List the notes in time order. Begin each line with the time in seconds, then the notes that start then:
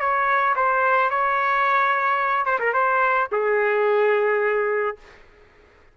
0.00 C#5
0.56 C5
1.11 C#5
2.46 C5
2.60 A#4
2.73 C5
3.32 G#4